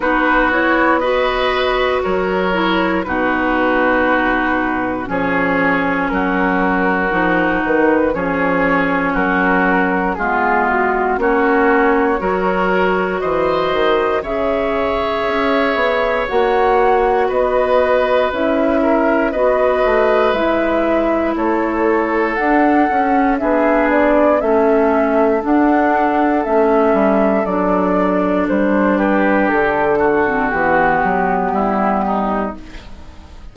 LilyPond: <<
  \new Staff \with { instrumentName = "flute" } { \time 4/4 \tempo 4 = 59 b'8 cis''8 dis''4 cis''4 b'4~ | b'4 cis''4 ais'4. b'8 | cis''4 ais'4 gis'8 fis'8 cis''4~ | cis''4 dis''4 e''2 |
fis''4 dis''4 e''4 dis''4 | e''4 cis''4 fis''4 e''8 d''8 | e''4 fis''4 e''4 d''4 | c''8 b'8 a'4 g'2 | }
  \new Staff \with { instrumentName = "oboe" } { \time 4/4 fis'4 b'4 ais'4 fis'4~ | fis'4 gis'4 fis'2 | gis'4 fis'4 f'4 fis'4 | ais'4 c''4 cis''2~ |
cis''4 b'4. ais'8 b'4~ | b'4 a'2 gis'4 | a'1~ | a'8 g'4 fis'4. e'8 dis'8 | }
  \new Staff \with { instrumentName = "clarinet" } { \time 4/4 dis'8 e'8 fis'4. e'8 dis'4~ | dis'4 cis'2 dis'4 | cis'2 b4 cis'4 | fis'2 gis'2 |
fis'2 e'4 fis'4 | e'2 d'8 cis'8 d'4 | cis'4 d'4 cis'4 d'4~ | d'4.~ d'16 c'16 b2 | }
  \new Staff \with { instrumentName = "bassoon" } { \time 4/4 b2 fis4 b,4~ | b,4 f4 fis4 f8 dis8 | f4 fis4 gis4 ais4 | fis4 e8 dis8 cis4 cis'8 b8 |
ais4 b4 cis'4 b8 a8 | gis4 a4 d'8 cis'8 b4 | a4 d'4 a8 g8 fis4 | g4 d4 e8 fis8 g4 | }
>>